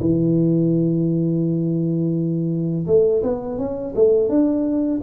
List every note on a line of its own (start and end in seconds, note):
0.00 2.86 E3
2.86 3.22 A3
3.22 3.58 B3
3.58 3.94 C#4
3.95 4.29 A3
4.29 5.00 D4